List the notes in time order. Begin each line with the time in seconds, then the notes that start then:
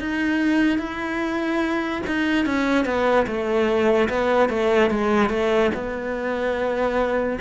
0.00 D#4
0.78 E4
2.07 D#4
2.45 C#4
2.85 B3
3.27 A3
4.09 B3
4.49 A3
4.91 G#3
5.30 A3
5.75 B3